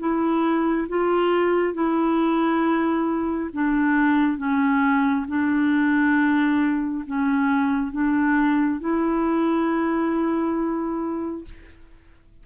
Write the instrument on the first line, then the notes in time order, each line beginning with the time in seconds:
clarinet
0.00 E4
0.89 F4
1.74 E4
3.54 D4
4.38 C#4
5.28 D4
7.07 C#4
7.93 D4
8.81 E4